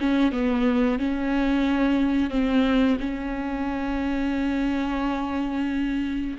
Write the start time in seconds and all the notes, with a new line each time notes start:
0.00 C#4
0.32 B3
0.99 C#4
2.31 C4
3.00 C#4